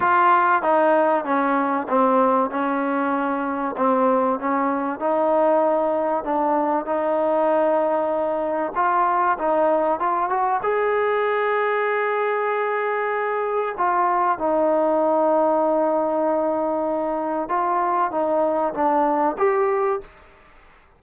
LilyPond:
\new Staff \with { instrumentName = "trombone" } { \time 4/4 \tempo 4 = 96 f'4 dis'4 cis'4 c'4 | cis'2 c'4 cis'4 | dis'2 d'4 dis'4~ | dis'2 f'4 dis'4 |
f'8 fis'8 gis'2.~ | gis'2 f'4 dis'4~ | dis'1 | f'4 dis'4 d'4 g'4 | }